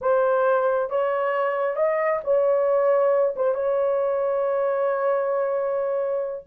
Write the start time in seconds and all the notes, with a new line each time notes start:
0.01 C5
0.89 C#5
1.76 D#5
2.23 C#5
3.36 C5
3.54 C#5